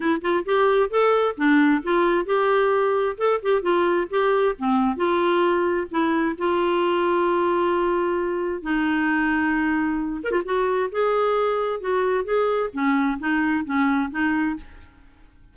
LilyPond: \new Staff \with { instrumentName = "clarinet" } { \time 4/4 \tempo 4 = 132 e'8 f'8 g'4 a'4 d'4 | f'4 g'2 a'8 g'8 | f'4 g'4 c'4 f'4~ | f'4 e'4 f'2~ |
f'2. dis'4~ | dis'2~ dis'8 ais'16 f'16 fis'4 | gis'2 fis'4 gis'4 | cis'4 dis'4 cis'4 dis'4 | }